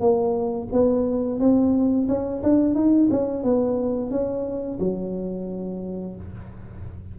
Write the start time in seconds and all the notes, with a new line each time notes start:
0.00 A#3
0.72 B3
1.39 C4
2.08 C#4
2.43 D4
2.74 D#4
3.11 C#4
3.43 B3
4.10 C#4
4.79 F#3